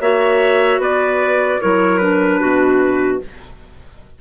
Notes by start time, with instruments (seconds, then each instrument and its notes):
0.00 bassoon A#3, clarinet F#4 C#5, trumpet E5
0.78 bassoon B3, clarinet B4, trumpet D5
1.61 bassoon F#3, clarinet E4 A#4, trumpet C#5
1.98 clarinet D4, trumpet B4
2.40 bassoon B2, clarinet F#4